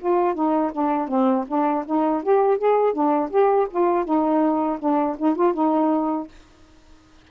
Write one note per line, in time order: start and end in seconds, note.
0.00 0.35 F4
0.35 0.72 D#4
0.72 1.08 D4
1.08 1.45 C4
1.48 1.85 D4
1.86 2.23 D#4
2.23 2.58 G4
2.58 2.93 G#4
2.93 3.30 D4
3.31 3.68 G4
3.71 4.05 F4
4.05 4.79 D#4
4.79 5.16 D4
5.18 5.36 D#4
5.36 5.54 F4
5.54 6.28 D#4